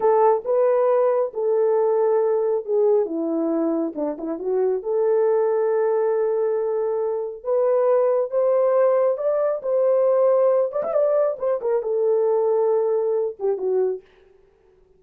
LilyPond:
\new Staff \with { instrumentName = "horn" } { \time 4/4 \tempo 4 = 137 a'4 b'2 a'4~ | a'2 gis'4 e'4~ | e'4 d'8 e'8 fis'4 a'4~ | a'1~ |
a'4 b'2 c''4~ | c''4 d''4 c''2~ | c''8 d''16 e''16 d''4 c''8 ais'8 a'4~ | a'2~ a'8 g'8 fis'4 | }